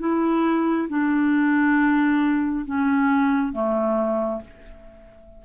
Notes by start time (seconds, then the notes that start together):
0.00 E4
0.89 D4
2.66 C#4
3.53 A3